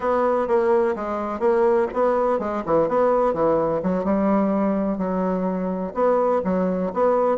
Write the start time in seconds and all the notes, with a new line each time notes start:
0.00 B3
0.47 A#3
0.95 G#3
1.39 A#3
1.93 B3
2.39 G#3
2.65 E3
2.88 B3
3.33 E3
3.82 F#3
4.04 G3
4.98 F#3
5.94 B3
6.44 F#3
6.93 B3